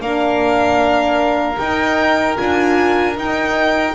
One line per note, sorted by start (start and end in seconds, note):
0.00 1.58 A#3
0.00 1.59 D4
0.00 3.95 A#4
0.00 1.58 F5
1.58 2.38 D#4
1.58 2.36 D#4
1.58 2.37 G5
2.36 3.17 D4
2.36 3.15 F4
2.36 3.16 G#5
3.17 3.95 D#4
3.17 3.95 G5